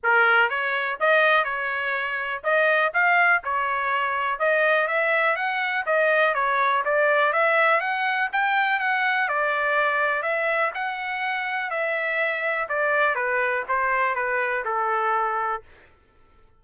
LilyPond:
\new Staff \with { instrumentName = "trumpet" } { \time 4/4 \tempo 4 = 123 ais'4 cis''4 dis''4 cis''4~ | cis''4 dis''4 f''4 cis''4~ | cis''4 dis''4 e''4 fis''4 | dis''4 cis''4 d''4 e''4 |
fis''4 g''4 fis''4 d''4~ | d''4 e''4 fis''2 | e''2 d''4 b'4 | c''4 b'4 a'2 | }